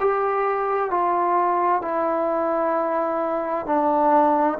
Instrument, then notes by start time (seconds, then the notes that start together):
trombone
0.00 G4
0.90 F4
1.81 E4
3.66 D4